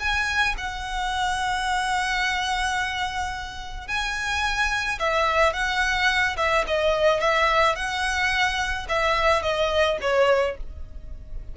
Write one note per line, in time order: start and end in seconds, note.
0.00 0.56 G#5
0.58 3.88 F#5
3.88 4.99 G#5
4.99 5.53 E5
5.53 6.36 F#5
6.37 6.65 E5
6.67 7.20 D#5
7.20 7.76 E5
7.76 8.87 F#5
8.89 9.42 E5
9.42 9.98 D#5
10.01 10.57 C#5